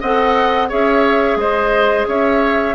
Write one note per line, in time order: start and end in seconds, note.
0.00 0.71 C4
0.00 0.69 A4
0.00 0.68 D#5
0.00 0.70 F#5
0.68 1.36 C#4
0.68 2.75 G#4
0.68 1.37 C#5
0.68 1.37 E5
1.36 2.05 G#3
1.36 2.07 C5
1.36 2.06 D#5
2.07 2.75 C#4
2.07 2.75 C#5
2.07 2.75 E5